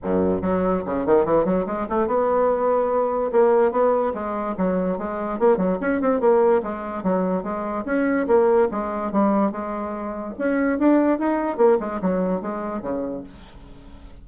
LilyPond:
\new Staff \with { instrumentName = "bassoon" } { \time 4/4 \tempo 4 = 145 fis,4 fis4 cis8 dis8 e8 fis8 | gis8 a8 b2. | ais4 b4 gis4 fis4 | gis4 ais8 fis8 cis'8 c'8 ais4 |
gis4 fis4 gis4 cis'4 | ais4 gis4 g4 gis4~ | gis4 cis'4 d'4 dis'4 | ais8 gis8 fis4 gis4 cis4 | }